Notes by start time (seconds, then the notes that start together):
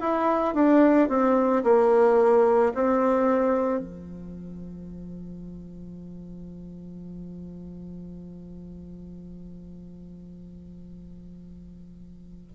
0.00 E4
0.54 D4
1.08 C4
1.63 A#3
2.74 C4
3.79 F3